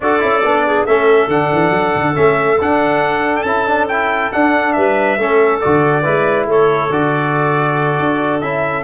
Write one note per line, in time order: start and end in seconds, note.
0.00 0.20 D4
0.00 0.19 F#4
0.00 0.66 A4
0.00 0.86 D5
0.19 0.43 C#4
0.19 0.41 E4
0.43 0.86 B3
0.43 0.87 D4
0.66 0.86 G#4
0.86 1.27 A3
0.86 1.30 C#4
0.86 4.75 A4
0.86 1.29 E5
1.27 1.49 D3
1.27 2.14 D4
1.27 2.15 F#5
1.52 1.70 E3
1.70 1.92 F#3
1.95 2.16 D3
2.14 2.60 A3
2.14 2.57 C#4
2.14 2.59 E5
2.60 3.46 D4
2.60 3.43 D4
2.60 3.36 F#5
3.36 3.43 G5
3.43 4.29 C#4
3.43 3.67 E4
3.43 3.86 A5
3.67 3.89 D4
3.88 4.31 E4
3.88 4.31 G5
4.31 5.18 D4
4.31 4.76 D4
4.31 4.72 F#5
4.72 5.18 G3
4.72 5.19 B4
4.72 5.59 E5
5.18 5.61 A3
5.18 5.62 C#4
5.18 6.02 A4
5.60 6.06 D3
5.60 6.03 F#4
5.60 6.46 D5
6.02 6.46 G#3
6.02 6.89 E4
6.02 6.45 B4
6.46 6.89 A3
6.46 8.83 A4
6.46 6.92 C#5
6.90 7.98 D3
6.90 8.42 F#4
6.90 8.40 D5
7.99 8.41 D4
8.40 8.83 C#4
8.40 8.83 E4
8.40 8.83 E5